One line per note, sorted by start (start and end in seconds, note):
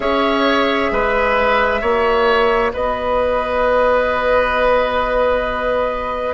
0.00 0.90 C#4
0.00 1.82 G#4
0.00 0.91 C#5
0.00 2.71 E5
0.91 1.82 G#3
0.91 1.81 B4
1.81 2.73 A#3
1.81 6.33 F#4
1.81 2.72 C#5
2.73 6.33 B3
2.73 6.33 B4
2.73 6.33 D#5